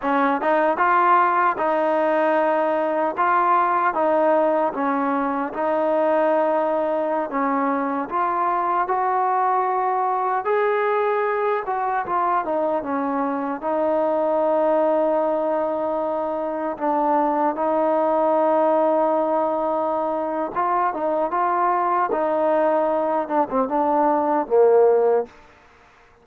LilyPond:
\new Staff \with { instrumentName = "trombone" } { \time 4/4 \tempo 4 = 76 cis'8 dis'8 f'4 dis'2 | f'4 dis'4 cis'4 dis'4~ | dis'4~ dis'16 cis'4 f'4 fis'8.~ | fis'4~ fis'16 gis'4. fis'8 f'8 dis'16~ |
dis'16 cis'4 dis'2~ dis'8.~ | dis'4~ dis'16 d'4 dis'4.~ dis'16~ | dis'2 f'8 dis'8 f'4 | dis'4. d'16 c'16 d'4 ais4 | }